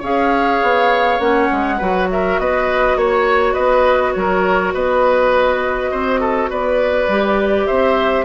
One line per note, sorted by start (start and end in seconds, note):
0.00 0.61 C#4
0.00 1.20 G#4
0.00 1.76 C#5
0.00 1.20 F5
0.62 1.19 B3
1.19 1.49 A#3
1.19 1.79 C#4
1.19 2.08 F#5
1.52 1.81 G#3
1.78 2.39 F#3
1.78 7.09 F#4
1.78 2.07 B4
2.11 2.41 A#4
2.11 2.39 E5
2.39 2.96 B3
2.39 2.98 B4
2.39 2.98 D#5
2.96 3.55 A#3
2.96 3.54 C#5
3.54 4.16 B3
3.54 4.12 B4
3.54 4.13 D#5
4.13 4.74 F#3
4.13 4.74 A#4
4.13 4.72 C#5
4.74 5.92 B3
4.74 5.91 B4
4.74 6.50 D#5
5.91 6.50 C4
5.91 6.20 C5
6.20 6.50 A4
6.50 7.08 B3
6.50 7.67 B4
6.50 7.67 D5
7.08 7.67 G3
7.08 8.25 G4
7.67 8.25 C4
7.67 8.25 C5
7.67 8.25 E5